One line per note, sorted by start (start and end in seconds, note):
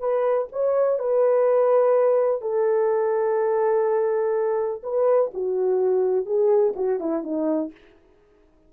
0.00 0.48 B4
0.52 0.99 C#5
0.99 2.42 B4
2.42 4.82 A4
4.83 5.31 B4
5.34 6.26 F#4
6.26 6.74 G#4
6.76 7.00 F#4
7.00 7.23 E4
7.23 7.71 D#4